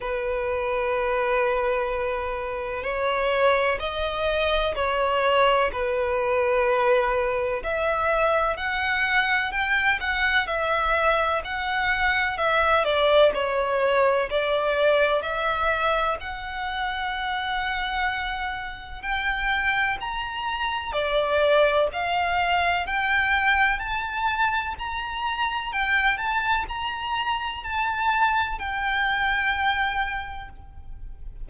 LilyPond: \new Staff \with { instrumentName = "violin" } { \time 4/4 \tempo 4 = 63 b'2. cis''4 | dis''4 cis''4 b'2 | e''4 fis''4 g''8 fis''8 e''4 | fis''4 e''8 d''8 cis''4 d''4 |
e''4 fis''2. | g''4 ais''4 d''4 f''4 | g''4 a''4 ais''4 g''8 a''8 | ais''4 a''4 g''2 | }